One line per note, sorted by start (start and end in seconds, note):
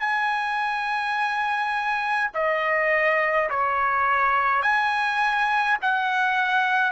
0.00 2.31 G#5
2.34 3.50 D#5
3.50 4.63 C#5
4.63 5.78 G#5
5.82 6.92 F#5